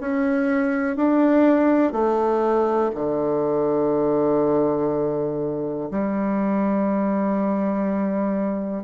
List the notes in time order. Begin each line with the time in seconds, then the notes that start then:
0.00 C#4
0.96 D4
1.92 A3
2.95 D3
5.91 G3